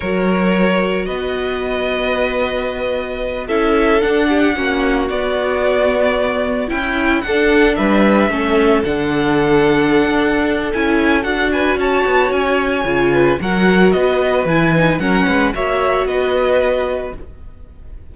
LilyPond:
<<
  \new Staff \with { instrumentName = "violin" } { \time 4/4 \tempo 4 = 112 cis''2 dis''2~ | dis''2~ dis''8 e''4 fis''8~ | fis''4. d''2~ d''8~ | d''8 g''4 fis''4 e''4.~ |
e''8 fis''2.~ fis''8 | gis''4 fis''8 gis''8 a''4 gis''4~ | gis''4 fis''4 dis''4 gis''4 | fis''4 e''4 dis''2 | }
  \new Staff \with { instrumentName = "violin" } { \time 4/4 ais'2 b'2~ | b'2~ b'8 a'4. | g'8 fis'2.~ fis'8~ | fis'8 e'4 a'4 b'4 a'8~ |
a'1~ | a'4. b'8 cis''2~ | cis''8 b'8 ais'4 b'2 | ais'8 b'8 cis''4 b'2 | }
  \new Staff \with { instrumentName = "viola" } { \time 4/4 fis'1~ | fis'2~ fis'8 e'4 d'8~ | d'8 cis'4 b2~ b8~ | b8 e'4 d'2 cis'8~ |
cis'8 d'2.~ d'8 | e'4 fis'2. | f'4 fis'2 e'8 dis'8 | cis'4 fis'2. | }
  \new Staff \with { instrumentName = "cello" } { \time 4/4 fis2 b2~ | b2~ b8 cis'4 d'8~ | d'8 ais4 b2~ b8~ | b8 cis'4 d'4 g4 a8~ |
a8 d2~ d16 d'4~ d'16 | cis'4 d'4 cis'8 b8 cis'4 | cis4 fis4 b4 e4 | fis8 gis8 ais4 b2 | }
>>